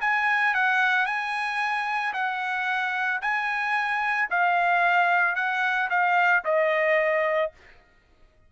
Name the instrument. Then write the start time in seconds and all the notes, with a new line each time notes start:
trumpet
0.00 G#5
0.54 F#5
1.05 G#5
2.13 F#5
3.21 G#5
4.30 F5
5.35 F#5
5.90 F5
6.44 D#5